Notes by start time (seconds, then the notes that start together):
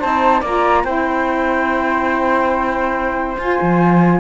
0.00 C4 D#4 C5 A5
0.41 A#3 F4 D5 A#5
0.84 C4 E4 C5 G5
3.38 F4 G#5
3.62 F3